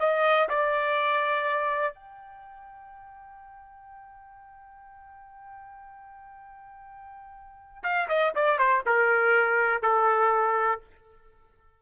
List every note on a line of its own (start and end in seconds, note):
0.00 0.49 D#5
0.49 1.94 D5
1.94 7.84 G5
7.84 8.08 F5
8.09 8.33 D#5
8.36 8.59 D5
8.59 8.83 C5
8.86 9.82 A#4
9.82 10.81 A4